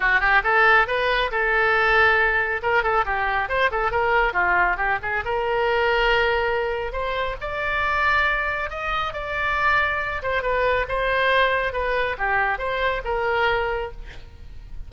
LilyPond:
\new Staff \with { instrumentName = "oboe" } { \time 4/4 \tempo 4 = 138 fis'8 g'8 a'4 b'4 a'4~ | a'2 ais'8 a'8 g'4 | c''8 a'8 ais'4 f'4 g'8 gis'8 | ais'1 |
c''4 d''2. | dis''4 d''2~ d''8 c''8 | b'4 c''2 b'4 | g'4 c''4 ais'2 | }